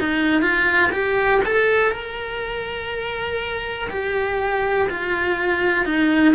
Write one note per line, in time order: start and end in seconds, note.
0.00 0.42 D#4
0.42 0.91 F4
0.93 1.42 G4
1.45 1.92 A4
1.92 3.89 A#4
3.90 4.89 G4
4.90 5.86 F4
5.86 6.35 D#4